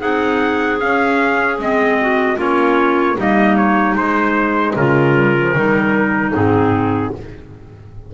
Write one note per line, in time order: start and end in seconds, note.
0.00 0.81 C4
0.00 0.79 D#4
0.00 1.97 G#4
0.00 0.80 F#5
0.80 1.59 C#4
0.80 1.58 C#4
0.80 1.59 F5
1.58 2.37 G#3
1.58 2.37 C4
1.58 2.40 D#5
2.01 2.37 F#4
2.37 3.16 A#3
2.37 3.16 C#4
2.37 3.16 F4
2.37 3.20 C#5
3.17 3.95 G3
3.17 3.97 A#3
3.17 4.75 D#4
3.17 3.56 D#5
3.56 3.96 C#5
3.95 4.74 G#3
3.95 5.15 G#3
3.95 4.75 C5
4.76 5.55 C#3
4.76 5.55 F4
4.76 6.34 A#4
5.15 5.35 G3
5.38 5.56 F3
5.55 6.34 D#3
5.55 6.34 G3
5.55 7.13 D#4
6.34 7.13 G#2
6.34 7.13 C4
6.34 7.14 G#4